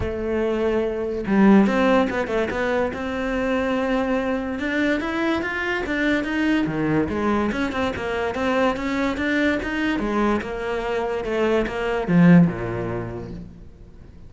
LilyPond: \new Staff \with { instrumentName = "cello" } { \time 4/4 \tempo 4 = 144 a2. g4 | c'4 b8 a8 b4 c'4~ | c'2. d'4 | e'4 f'4 d'4 dis'4 |
dis4 gis4 cis'8 c'8 ais4 | c'4 cis'4 d'4 dis'4 | gis4 ais2 a4 | ais4 f4 ais,2 | }